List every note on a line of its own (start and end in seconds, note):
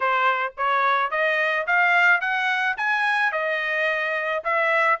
0.00 0.53 C5
0.57 1.11 C#5
1.11 1.66 D#5
1.66 2.20 F5
2.20 2.76 F#5
2.77 3.32 G#5
3.32 4.43 D#5
4.44 4.99 E5